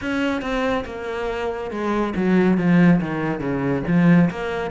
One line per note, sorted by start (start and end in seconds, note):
0.01 0.41 C#4
0.41 0.84 C4
0.85 1.70 A#3
1.70 2.13 G#3
2.15 2.57 F#3
2.57 3.00 F3
3.00 3.40 D#3
3.40 3.83 C#3
3.87 4.30 F3
4.30 4.71 A#3